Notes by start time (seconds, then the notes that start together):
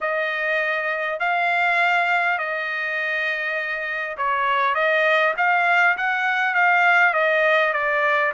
0.01 D#5
1.19 F5
2.38 D#5
4.17 C#5
4.74 D#5
5.37 F5
5.97 F#5
6.54 F5
7.13 D#5
7.73 D5